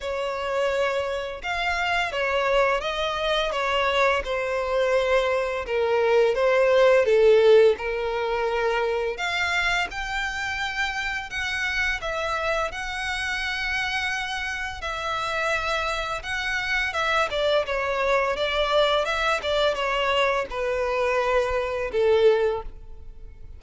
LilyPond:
\new Staff \with { instrumentName = "violin" } { \time 4/4 \tempo 4 = 85 cis''2 f''4 cis''4 | dis''4 cis''4 c''2 | ais'4 c''4 a'4 ais'4~ | ais'4 f''4 g''2 |
fis''4 e''4 fis''2~ | fis''4 e''2 fis''4 | e''8 d''8 cis''4 d''4 e''8 d''8 | cis''4 b'2 a'4 | }